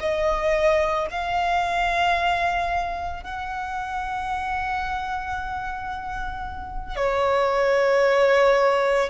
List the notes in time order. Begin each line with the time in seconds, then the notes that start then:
0.00 D#5
1.11 F5
3.23 F#5
6.96 C#5